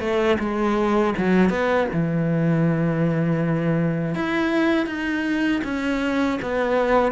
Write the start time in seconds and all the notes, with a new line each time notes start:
0.00 A3
0.39 G#3
1.18 F#3
1.49 B3
1.93 E3
4.15 E4
4.86 D#4
5.64 C#4
6.42 B3